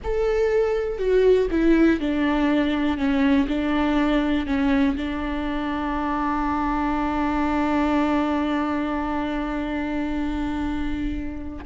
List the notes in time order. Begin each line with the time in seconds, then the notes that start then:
0.03 A4
0.98 F#4
1.50 E4
1.99 D4
2.97 C#4
3.48 D4
4.46 C#4
4.96 D4